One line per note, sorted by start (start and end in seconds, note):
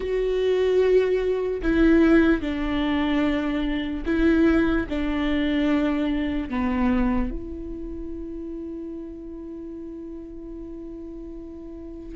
0.00 1.61 F#4
1.62 2.41 E4
2.41 4.04 D4
4.05 4.86 E4
4.89 6.49 D4
6.49 7.30 B3
7.30 12.15 E4